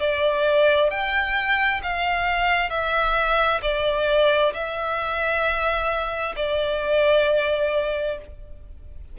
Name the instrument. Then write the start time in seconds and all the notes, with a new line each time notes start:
violin
0.00 D5
0.90 G5
1.83 F5
2.70 E5
3.62 D5
4.54 E5
6.36 D5